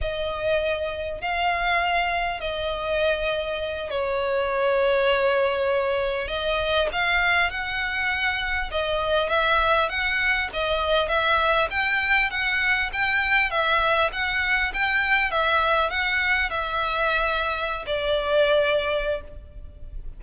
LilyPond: \new Staff \with { instrumentName = "violin" } { \time 4/4 \tempo 4 = 100 dis''2 f''2 | dis''2~ dis''8 cis''4.~ | cis''2~ cis''8 dis''4 f''8~ | f''8 fis''2 dis''4 e''8~ |
e''8 fis''4 dis''4 e''4 g''8~ | g''8 fis''4 g''4 e''4 fis''8~ | fis''8 g''4 e''4 fis''4 e''8~ | e''4.~ e''16 d''2~ d''16 | }